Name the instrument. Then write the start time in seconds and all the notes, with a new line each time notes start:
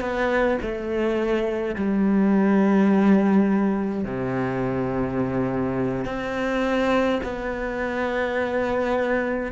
cello
0.00 B3
0.61 A3
1.75 G3
4.04 C3
6.05 C4
7.23 B3